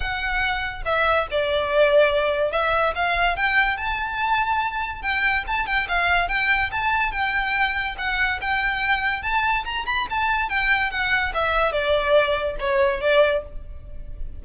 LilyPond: \new Staff \with { instrumentName = "violin" } { \time 4/4 \tempo 4 = 143 fis''2 e''4 d''4~ | d''2 e''4 f''4 | g''4 a''2. | g''4 a''8 g''8 f''4 g''4 |
a''4 g''2 fis''4 | g''2 a''4 ais''8 b''8 | a''4 g''4 fis''4 e''4 | d''2 cis''4 d''4 | }